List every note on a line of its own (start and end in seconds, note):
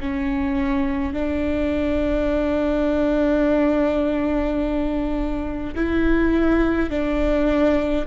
0.00 1.13 C#4
1.13 5.75 D4
5.75 6.90 E4
6.90 8.05 D4